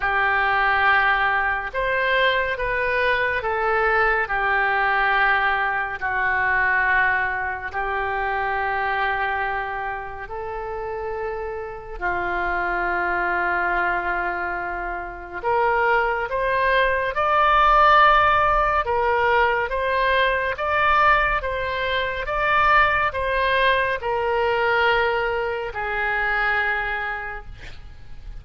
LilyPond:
\new Staff \with { instrumentName = "oboe" } { \time 4/4 \tempo 4 = 70 g'2 c''4 b'4 | a'4 g'2 fis'4~ | fis'4 g'2. | a'2 f'2~ |
f'2 ais'4 c''4 | d''2 ais'4 c''4 | d''4 c''4 d''4 c''4 | ais'2 gis'2 | }